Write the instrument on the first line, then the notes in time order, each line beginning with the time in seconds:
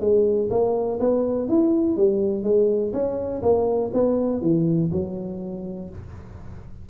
tuba
0.00 G#3
0.50 A#3
0.99 B3
1.48 E4
1.96 G3
2.43 G#3
2.93 C#4
3.42 A#3
3.93 B3
4.41 E3
4.91 F#3